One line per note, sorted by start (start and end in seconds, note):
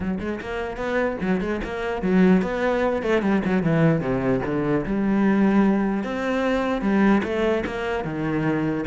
0.00 0.18 F#3
0.20 0.40 G#3
0.40 0.76 A#3
0.76 1.17 B3
1.21 1.40 F#3
1.40 1.61 G#3
1.64 2.01 A#3
2.01 2.42 F#3
2.42 3.02 B3
3.02 3.22 A3
3.22 3.42 G3
3.44 3.62 F#3
3.62 4.00 E3
4.00 4.41 C3
4.45 4.85 D3
4.86 6.03 G3
6.03 6.81 C4
6.81 7.22 G3
7.23 7.63 A3
7.66 8.04 A#3
8.04 8.84 D#3